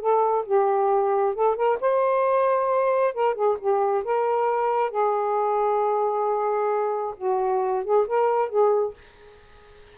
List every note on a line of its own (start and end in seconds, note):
0.00 0.45 A4
0.45 1.34 G4
1.34 1.55 A4
1.55 1.78 A#4
1.81 3.14 C5
3.14 3.34 A#4
3.34 3.57 G#4
3.59 4.04 G4
4.04 4.91 A#4
4.91 7.15 G#4
7.17 7.84 F#4
7.84 8.07 G#4
8.07 8.49 A#4
8.49 8.93 G#4